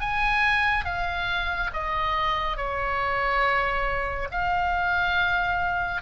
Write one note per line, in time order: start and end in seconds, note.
0.00 0.85 G#5
0.85 1.70 F5
1.73 2.57 D#5
2.57 4.28 C#5
4.31 6.02 F5